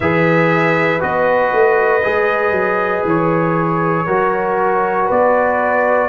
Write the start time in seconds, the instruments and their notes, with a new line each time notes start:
0.00 tuba E3, trombone G#4, horn B4, trumpet E5
0.99 tuba B3, trombone F#4, trumpet D#5
1.52 tuba A3
2.03 tuba G#3, trombone G#4
2.51 tuba F#3
3.04 tuba E3, trumpet C#5
4.06 tuba F#3, trombone F#4, horn A#4
5.05 tuba B3, horn B4, trumpet D5